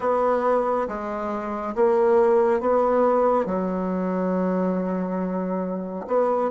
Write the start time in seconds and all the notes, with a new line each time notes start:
0.00 B3
0.87 G#3
1.75 A#3
2.60 B3
3.45 F#3
6.07 B3